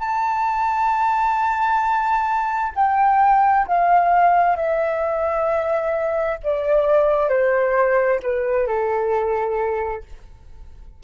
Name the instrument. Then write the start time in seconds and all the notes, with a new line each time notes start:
flute
0.00 A5
2.76 G5
3.67 F5
4.56 E5
6.43 D5
7.29 C5
8.23 B4
8.67 A4